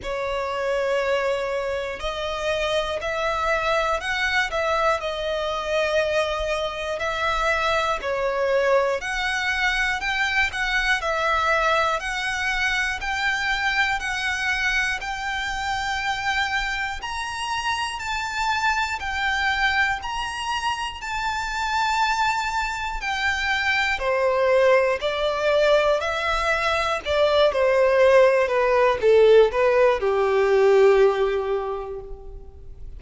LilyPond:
\new Staff \with { instrumentName = "violin" } { \time 4/4 \tempo 4 = 60 cis''2 dis''4 e''4 | fis''8 e''8 dis''2 e''4 | cis''4 fis''4 g''8 fis''8 e''4 | fis''4 g''4 fis''4 g''4~ |
g''4 ais''4 a''4 g''4 | ais''4 a''2 g''4 | c''4 d''4 e''4 d''8 c''8~ | c''8 b'8 a'8 b'8 g'2 | }